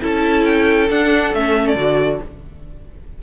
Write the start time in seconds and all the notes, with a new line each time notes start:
0.00 C#4 E4 A4 A5
0.45 G5
0.90 D4 F#5
1.34 A3 C#4 E5
1.67 D5
1.75 D3 F#4